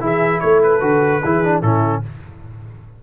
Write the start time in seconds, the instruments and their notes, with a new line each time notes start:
0.00 tuba E3, trombone E4, horn G#4, trumpet E5
0.40 tuba A3, horn A4, trumpet C#5
0.63 trumpet B4
0.80 tuba D3, trombone F#4
1.24 tuba E3, trombone E4, horn G#4
1.44 trombone D4
1.62 tuba A2, trombone C#4, horn E4, trumpet A4